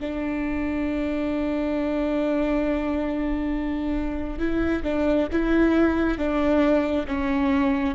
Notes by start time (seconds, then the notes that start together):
0.00 D4
4.38 E4
4.83 D4
5.32 E4
6.18 D4
7.07 C#4